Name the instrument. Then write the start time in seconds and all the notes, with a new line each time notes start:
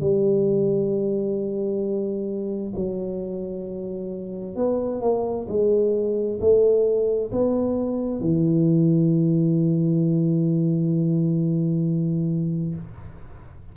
tuba
0.00 G3
2.75 F#3
4.55 B3
5.01 A#3
5.48 G#3
6.40 A3
7.31 B3
8.20 E3